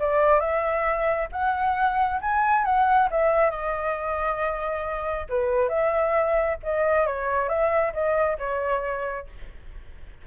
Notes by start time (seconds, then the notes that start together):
0.00 D5
0.40 E5
1.32 F#5
2.21 G#5
2.65 F#5
3.11 E5
3.51 D#5
5.29 B4
5.69 E5
6.64 D#5
7.06 C#5
7.49 E5
7.94 D#5
8.39 C#5